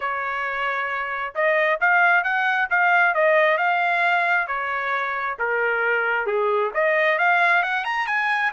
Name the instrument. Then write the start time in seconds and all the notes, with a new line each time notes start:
trumpet
0.00 C#5
1.34 D#5
1.80 F5
2.23 F#5
2.70 F5
3.14 D#5
3.57 F5
4.47 C#5
5.38 A#4
6.26 G#4
6.74 D#5
7.18 F5
7.62 F#5
7.84 A#5
8.06 G#5